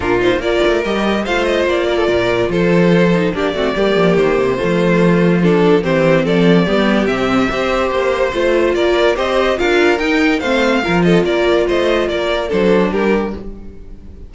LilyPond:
<<
  \new Staff \with { instrumentName = "violin" } { \time 4/4 \tempo 4 = 144 ais'8 c''8 d''4 dis''4 f''8 dis''8 | d''2 c''2 | d''2 c''2~ | c''4 a'4 c''4 d''4~ |
d''4 e''2 c''4~ | c''4 d''4 dis''4 f''4 | g''4 f''4. dis''8 d''4 | dis''4 d''4 c''4 ais'4 | }
  \new Staff \with { instrumentName = "violin" } { \time 4/4 f'4 ais'2 c''4~ | c''8 ais'16 a'16 ais'4 a'2 | g'8 fis'8 g'2 f'4~ | f'2 g'4 a'4 |
g'2 c''2~ | c''4 ais'4 c''4 ais'4~ | ais'4 c''4 ais'8 a'8 ais'4 | c''4 ais'4 a'4 g'4 | }
  \new Staff \with { instrumentName = "viola" } { \time 4/4 d'8 dis'8 f'4 g'4 f'4~ | f'2.~ f'8 dis'8 | d'8 c'8 ais2 a4~ | a4 d'4 c'2 |
b4 c'4 g'2 | f'2 g'4 f'4 | dis'4 c'4 f'2~ | f'2 d'2 | }
  \new Staff \with { instrumentName = "cello" } { \time 4/4 ais,4 ais8 a8 g4 a4 | ais4 ais,4 f2 | ais8 a8 g8 f8 dis8 c8 f4~ | f2 e4 f4 |
g4 c4 c'4 ais4 | a4 ais4 c'4 d'4 | dis'4 a4 f4 ais4 | a4 ais4 fis4 g4 | }
>>